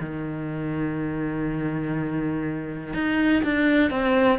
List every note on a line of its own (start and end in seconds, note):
0.00 2.93 D#3
2.93 3.42 D#4
3.43 3.90 D4
3.90 4.39 C4